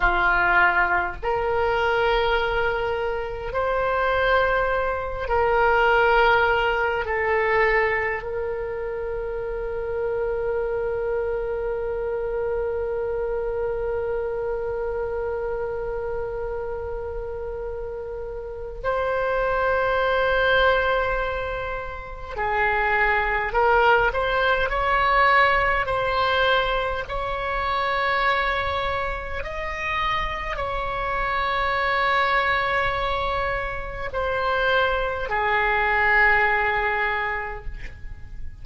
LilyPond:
\new Staff \with { instrumentName = "oboe" } { \time 4/4 \tempo 4 = 51 f'4 ais'2 c''4~ | c''8 ais'4. a'4 ais'4~ | ais'1~ | ais'1 |
c''2. gis'4 | ais'8 c''8 cis''4 c''4 cis''4~ | cis''4 dis''4 cis''2~ | cis''4 c''4 gis'2 | }